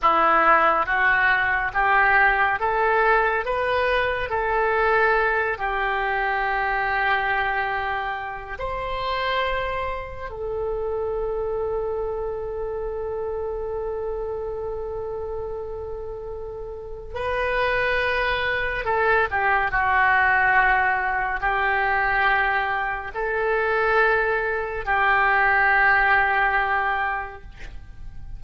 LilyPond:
\new Staff \with { instrumentName = "oboe" } { \time 4/4 \tempo 4 = 70 e'4 fis'4 g'4 a'4 | b'4 a'4. g'4.~ | g'2 c''2 | a'1~ |
a'1 | b'2 a'8 g'8 fis'4~ | fis'4 g'2 a'4~ | a'4 g'2. | }